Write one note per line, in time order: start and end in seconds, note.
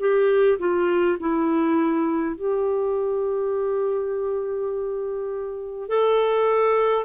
0.00 0.59 G4
0.59 1.18 F4
1.20 2.36 E4
2.36 5.89 G4
5.89 7.05 A4